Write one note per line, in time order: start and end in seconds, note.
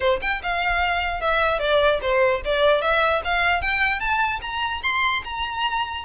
0.00 0.20 C5
0.21 0.42 G5
0.42 1.20 F5
1.20 1.59 E5
1.59 1.99 D5
2.01 2.41 C5
2.44 2.81 D5
2.81 3.21 E5
3.24 3.61 F5
3.61 4.00 G5
4.00 4.40 A5
4.41 4.81 A#5
4.82 5.23 C6
5.24 6.04 A#5